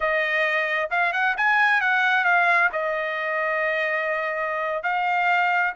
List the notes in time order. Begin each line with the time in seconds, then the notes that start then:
0.00 D#5
0.90 F5
1.13 F#5
1.37 G#5
1.80 F#5
2.24 F5
2.72 D#5
4.83 F5